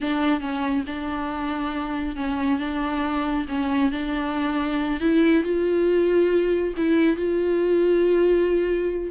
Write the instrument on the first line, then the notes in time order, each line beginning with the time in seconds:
viola
0.00 D4
0.40 C#4
0.86 D4
2.16 C#4
2.59 D4
3.48 C#4
3.91 D4
5.00 E4
5.43 F4
6.76 E4
7.16 F4